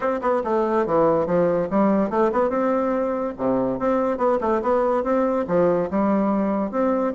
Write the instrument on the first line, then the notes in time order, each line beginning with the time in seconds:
bassoon
0.00 C4
0.21 B3
0.44 A3
0.86 E3
1.26 F3
1.70 G3
2.10 A3
2.32 B3
2.49 C4
3.37 C3
3.79 C4
4.17 B3
4.40 A3
4.62 B3
5.03 C4
5.47 F3
5.90 G3
6.71 C4